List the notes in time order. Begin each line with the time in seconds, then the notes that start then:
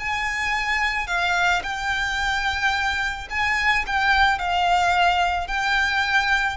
0.00 G#5
1.08 F5
1.64 G5
3.31 G#5
3.87 G5
4.39 F5
5.48 G5